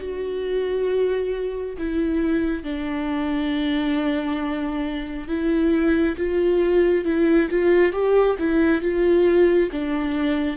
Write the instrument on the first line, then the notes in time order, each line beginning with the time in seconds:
viola
0.00 F#4
1.78 E4
2.64 D4
5.28 E4
6.17 F4
7.05 E4
7.50 F4
7.92 G4
8.39 E4
8.82 F4
9.71 D4